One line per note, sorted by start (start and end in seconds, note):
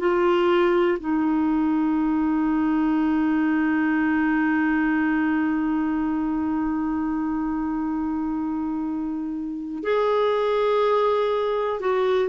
0.00 0.98 F4
1.00 9.84 D#4
9.84 11.80 G#4
11.80 12.29 F#4